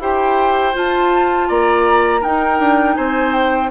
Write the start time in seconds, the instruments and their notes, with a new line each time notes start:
0.00 bassoon E4, clarinet G4, oboe C5, flute G5
0.74 clarinet F4, bassoon F4, flute A5
1.49 bassoon A#3, oboe D5, flute A#5
2.21 clarinet D#4, bassoon D#4, oboe A#4, flute G5
2.60 bassoon D4
2.96 bassoon C4, oboe C5, flute G#5
3.33 flute G5